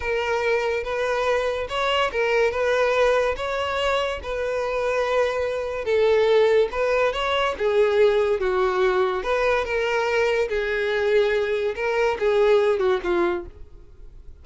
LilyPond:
\new Staff \with { instrumentName = "violin" } { \time 4/4 \tempo 4 = 143 ais'2 b'2 | cis''4 ais'4 b'2 | cis''2 b'2~ | b'2 a'2 |
b'4 cis''4 gis'2 | fis'2 b'4 ais'4~ | ais'4 gis'2. | ais'4 gis'4. fis'8 f'4 | }